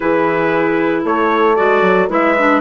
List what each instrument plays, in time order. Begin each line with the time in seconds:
0.00 bassoon E3, clarinet E4, horn G#4, trumpet B4
1.04 bassoon A3, horn A4, trumpet C#5
1.55 bassoon G#3, clarinet F#4, trumpet D5
1.81 bassoon F#3
2.09 bassoon G#3, clarinet E4, horn B4, trumpet E5
2.38 clarinet D4